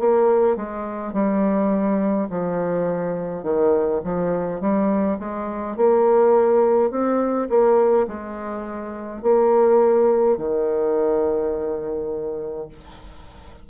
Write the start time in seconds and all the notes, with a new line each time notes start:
0.00 A#3
0.57 G#3
1.13 G3
2.30 F3
3.44 D#3
4.04 F3
4.61 G3
5.20 G#3
5.77 A#3
6.91 C4
7.50 A#3
8.08 G#3
9.23 A#3
10.38 D#3